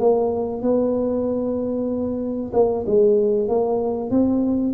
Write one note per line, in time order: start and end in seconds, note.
0.00 0.62 A#3
0.62 2.52 B3
2.53 2.85 A#3
2.87 3.49 G#3
3.49 4.11 A#3
4.11 4.74 C4